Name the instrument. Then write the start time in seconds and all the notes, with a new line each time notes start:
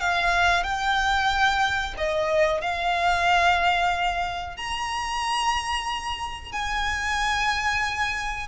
violin
0.00 F5
0.63 G5
1.97 D#5
2.61 F5
4.57 A#5
6.52 G#5